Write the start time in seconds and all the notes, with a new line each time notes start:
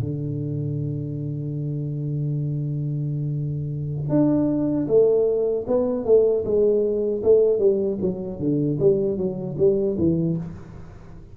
0.00 D3
4.09 D4
4.88 A3
5.67 B3
6.05 A3
6.45 G#3
7.23 A3
7.59 G3
8.01 F#3
8.39 D3
8.79 G3
9.17 F#3
9.58 G3
9.98 E3